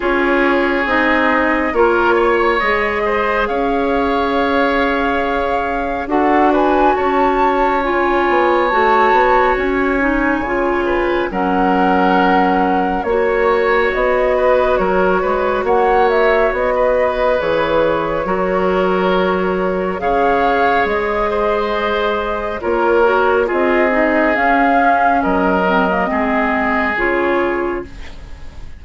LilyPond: <<
  \new Staff \with { instrumentName = "flute" } { \time 4/4 \tempo 4 = 69 cis''4 dis''4 cis''4 dis''4 | f''2. fis''8 gis''8 | a''4 gis''4 a''4 gis''4~ | gis''4 fis''2 cis''4 |
dis''4 cis''4 fis''8 e''8 dis''4 | cis''2. f''4 | dis''2 cis''4 dis''4 | f''4 dis''2 cis''4 | }
  \new Staff \with { instrumentName = "oboe" } { \time 4/4 gis'2 ais'8 cis''4 c''8 | cis''2. a'8 b'8 | cis''1~ | cis''8 b'8 ais'2 cis''4~ |
cis''8 b'8 ais'8 b'8 cis''4~ cis''16 b'8.~ | b'4 ais'2 cis''4~ | cis''8 c''4. ais'4 gis'4~ | gis'4 ais'4 gis'2 | }
  \new Staff \with { instrumentName = "clarinet" } { \time 4/4 f'4 dis'4 f'4 gis'4~ | gis'2. fis'4~ | fis'4 f'4 fis'4. dis'8 | f'4 cis'2 fis'4~ |
fis'1 | gis'4 fis'2 gis'4~ | gis'2 f'8 fis'8 f'8 dis'8 | cis'4. c'16 ais16 c'4 f'4 | }
  \new Staff \with { instrumentName = "bassoon" } { \time 4/4 cis'4 c'4 ais4 gis4 | cis'2. d'4 | cis'4. b8 a8 b8 cis'4 | cis4 fis2 ais4 |
b4 fis8 gis8 ais4 b4 | e4 fis2 cis4 | gis2 ais4 c'4 | cis'4 fis4 gis4 cis4 | }
>>